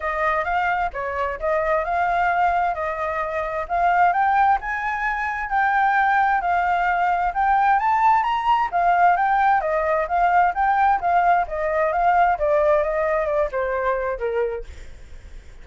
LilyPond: \new Staff \with { instrumentName = "flute" } { \time 4/4 \tempo 4 = 131 dis''4 f''4 cis''4 dis''4 | f''2 dis''2 | f''4 g''4 gis''2 | g''2 f''2 |
g''4 a''4 ais''4 f''4 | g''4 dis''4 f''4 g''4 | f''4 dis''4 f''4 d''4 | dis''4 d''8 c''4. ais'4 | }